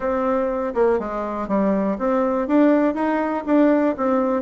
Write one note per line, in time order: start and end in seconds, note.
0.00 0.74 C4
0.74 0.99 A#3
0.99 1.48 G#3
1.48 1.97 G3
1.98 2.47 C4
2.47 2.94 D4
2.94 3.43 D#4
3.46 3.95 D4
3.97 4.42 C4